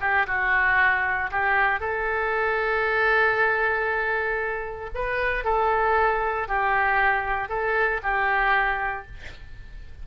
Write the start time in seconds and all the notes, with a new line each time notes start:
0.00 G4
0.26 F#4
1.31 G4
1.79 A4
4.94 B4
5.44 A4
6.47 G4
7.49 A4
8.02 G4